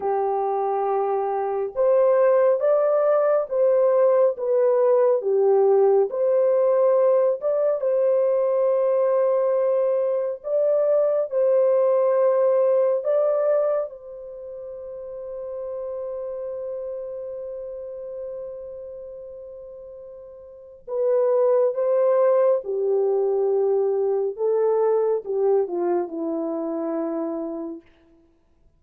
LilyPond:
\new Staff \with { instrumentName = "horn" } { \time 4/4 \tempo 4 = 69 g'2 c''4 d''4 | c''4 b'4 g'4 c''4~ | c''8 d''8 c''2. | d''4 c''2 d''4 |
c''1~ | c''1 | b'4 c''4 g'2 | a'4 g'8 f'8 e'2 | }